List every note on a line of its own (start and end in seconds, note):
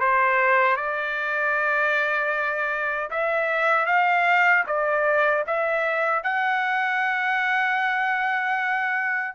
0.00 0.77 C5
0.77 3.10 D5
3.11 3.86 E5
3.86 4.64 F5
4.67 5.45 D5
5.47 6.23 E5
6.23 9.35 F#5